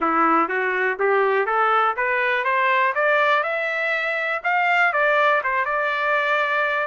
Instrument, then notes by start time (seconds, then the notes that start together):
trumpet
0.00 E4
0.48 F#4
0.99 G4
1.46 A4
1.96 B4
2.44 C5
2.95 D5
3.43 E5
4.43 F5
4.92 D5
5.43 C5
5.65 D5